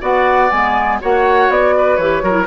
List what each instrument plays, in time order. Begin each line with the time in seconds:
0.00 bassoon B3, clarinet F#4, oboe D5, flute F#5
0.50 bassoon G#3, clarinet B3, flute G#5
1.01 bassoon A#3, clarinet F#4, oboe C#5, flute F#5
1.49 bassoon B3, flute D5
1.77 oboe B4
1.96 bassoon E3, clarinet G4, flute C#5
2.22 bassoon F#3, clarinet F#4, oboe A#4
2.31 clarinet E4